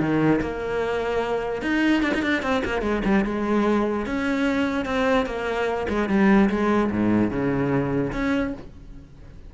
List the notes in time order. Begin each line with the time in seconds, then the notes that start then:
0.00 D#3
0.41 A#3
1.62 D#4
2.03 D4
2.14 D#4
2.22 D4
2.43 C4
2.65 A#3
2.82 G#3
3.05 G3
3.25 G#3
4.06 C#4
4.85 C4
5.26 A#3
5.89 G#3
6.09 G3
6.50 G#3
6.91 G#2
7.31 C#3
8.13 C#4